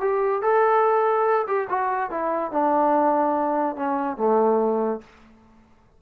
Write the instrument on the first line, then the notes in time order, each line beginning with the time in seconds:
trombone
0.00 G4
0.42 A4
1.47 G4
1.69 F#4
2.10 E4
2.52 D4
3.76 C#4
4.17 A3